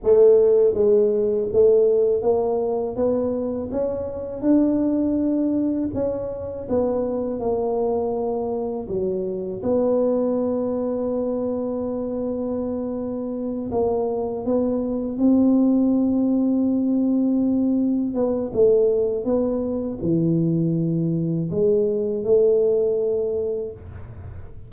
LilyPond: \new Staff \with { instrumentName = "tuba" } { \time 4/4 \tempo 4 = 81 a4 gis4 a4 ais4 | b4 cis'4 d'2 | cis'4 b4 ais2 | fis4 b2.~ |
b2~ b8 ais4 b8~ | b8 c'2.~ c'8~ | c'8 b8 a4 b4 e4~ | e4 gis4 a2 | }